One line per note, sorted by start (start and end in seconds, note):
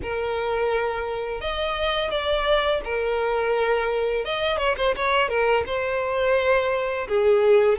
0.02 1.41 A#4
1.41 2.10 D#5
2.10 2.81 D5
2.84 4.24 A#4
4.24 4.57 D#5
4.57 4.75 C#5
4.77 4.94 C5
4.96 5.28 C#5
5.28 5.63 A#4
5.66 7.07 C5
7.08 7.78 G#4